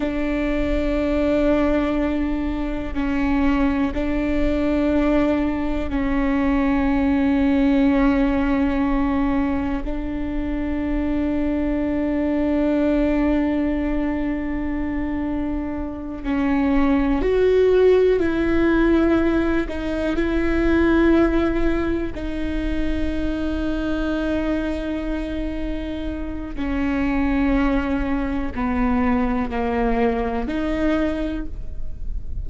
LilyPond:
\new Staff \with { instrumentName = "viola" } { \time 4/4 \tempo 4 = 61 d'2. cis'4 | d'2 cis'2~ | cis'2 d'2~ | d'1~ |
d'8 cis'4 fis'4 e'4. | dis'8 e'2 dis'4.~ | dis'2. cis'4~ | cis'4 b4 ais4 dis'4 | }